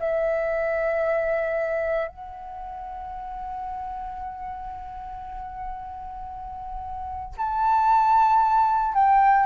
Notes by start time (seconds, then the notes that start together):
0.00 E5
2.09 F#5
7.37 A5
8.94 G5